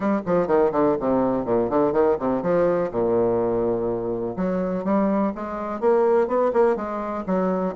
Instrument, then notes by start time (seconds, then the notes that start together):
bassoon
0.00 G3
0.26 F3
0.47 D#3
0.72 D3
0.99 C3
1.45 A#2
1.69 D3
1.92 D#3
2.19 C3
2.42 F3
2.91 A#2
4.36 F#3
4.84 G3
5.35 G#3
5.80 A#3
6.27 B3
6.53 A#3
6.75 G#3
7.26 F#3